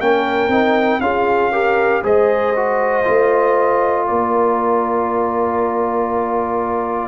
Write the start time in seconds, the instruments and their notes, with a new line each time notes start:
0.00 tuba A#3, trombone C#4, horn A#4, trumpet G5
0.49 tuba C4, trombone D#4
1.01 tuba C#4, trombone F4, horn G#4, trumpet F5
1.52 trombone G4, horn A#4
2.04 tuba G#3, trombone G#4, horn C5, trumpet D#5
2.56 trombone F#4
3.05 tuba A3, trombone F4
4.07 tuba A#3, horn A#4, trumpet D5